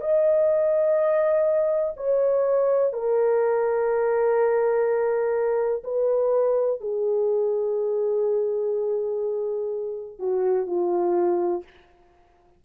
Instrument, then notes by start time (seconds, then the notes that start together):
horn
0.00 D#5
1.96 C#5
2.93 A#4
5.83 B4
6.80 G#4
10.19 F#4
10.66 F4